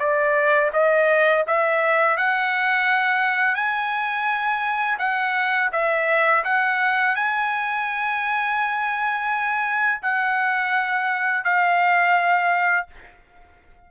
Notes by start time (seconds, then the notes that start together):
0.00 D5
0.74 D#5
1.47 E5
2.18 F#5
3.56 G#5
4.99 F#5
5.73 E5
6.45 F#5
7.16 G#5
10.03 F#5
11.45 F5